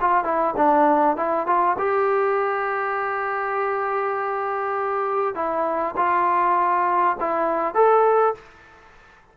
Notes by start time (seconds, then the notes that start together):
0.00 F4
0.24 E4
0.56 D4
1.16 E4
1.46 F4
1.78 G4
5.35 E4
5.96 F4
7.20 E4
7.74 A4